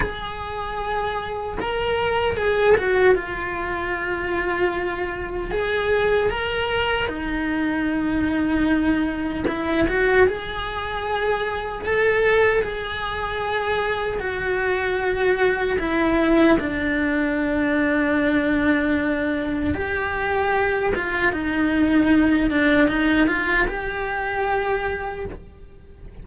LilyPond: \new Staff \with { instrumentName = "cello" } { \time 4/4 \tempo 4 = 76 gis'2 ais'4 gis'8 fis'8 | f'2. gis'4 | ais'4 dis'2. | e'8 fis'8 gis'2 a'4 |
gis'2 fis'2 | e'4 d'2.~ | d'4 g'4. f'8 dis'4~ | dis'8 d'8 dis'8 f'8 g'2 | }